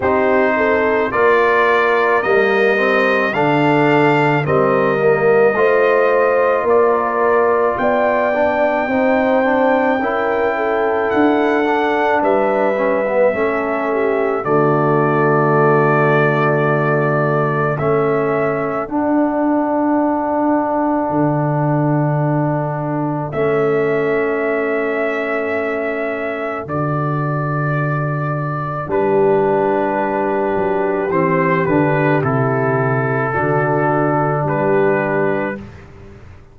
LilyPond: <<
  \new Staff \with { instrumentName = "trumpet" } { \time 4/4 \tempo 4 = 54 c''4 d''4 dis''4 f''4 | dis''2 d''4 g''4~ | g''2 fis''4 e''4~ | e''4 d''2. |
e''4 fis''2.~ | fis''4 e''2. | d''2 b'2 | c''8 b'8 a'2 b'4 | }
  \new Staff \with { instrumentName = "horn" } { \time 4/4 g'8 a'8 ais'2 a'4 | ais'4 c''4 ais'4 d''4 | c''4 ais'8 a'4. b'4 | a'8 g'8 fis'2. |
a'1~ | a'1~ | a'2 g'2~ | g'2 fis'4 g'4 | }
  \new Staff \with { instrumentName = "trombone" } { \time 4/4 dis'4 f'4 ais8 c'8 d'4 | c'8 ais8 f'2~ f'8 d'8 | dis'8 d'8 e'4. d'4 cis'16 b16 | cis'4 a2. |
cis'4 d'2.~ | d'4 cis'2. | fis'2 d'2 | c'8 d'8 e'4 d'2 | }
  \new Staff \with { instrumentName = "tuba" } { \time 4/4 c'4 ais4 g4 d4 | g4 a4 ais4 b4 | c'4 cis'4 d'4 g4 | a4 d2. |
a4 d'2 d4~ | d4 a2. | d2 g4. fis8 | e8 d8 c4 d4 g4 | }
>>